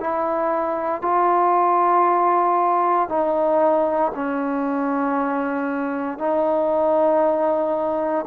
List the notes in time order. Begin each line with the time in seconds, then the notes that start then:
0.00 E4
1.02 F4
3.08 D#4
4.15 C#4
6.18 D#4